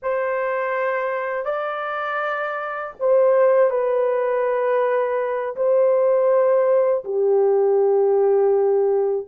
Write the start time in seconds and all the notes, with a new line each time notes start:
0.02 C5
1.45 D5
2.99 C5
3.70 B4
5.56 C5
7.04 G4